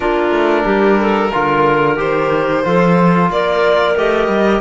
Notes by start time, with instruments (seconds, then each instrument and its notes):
0.00 cello A#3, trombone D4, clarinet F4, violin A#4
0.30 cello A3
0.64 cello G3, clarinet G4
0.99 clarinet A4
1.33 cello D3, trombone F4, clarinet A#4
1.96 cello D#3, trombone G4, violin C5
2.63 cello F3, trombone F4, clarinet A4
3.30 cello A#3, clarinet A#4, violin D5
3.95 cello A3, trombone G4, violin D#5
4.27 cello G3